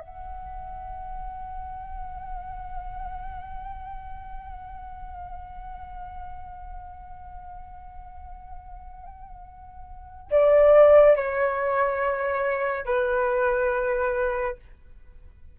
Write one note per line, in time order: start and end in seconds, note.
0.00 10.29 F#5
10.31 11.16 D5
11.16 12.85 C#5
12.85 14.57 B4